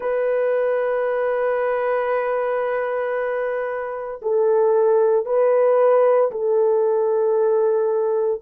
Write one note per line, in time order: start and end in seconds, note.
0.00 4.20 B4
4.22 5.25 A4
5.25 6.31 B4
6.31 8.41 A4